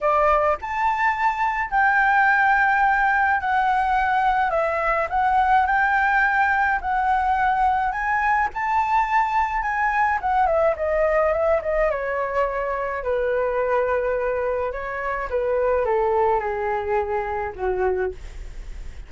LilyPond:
\new Staff \with { instrumentName = "flute" } { \time 4/4 \tempo 4 = 106 d''4 a''2 g''4~ | g''2 fis''2 | e''4 fis''4 g''2 | fis''2 gis''4 a''4~ |
a''4 gis''4 fis''8 e''8 dis''4 | e''8 dis''8 cis''2 b'4~ | b'2 cis''4 b'4 | a'4 gis'2 fis'4 | }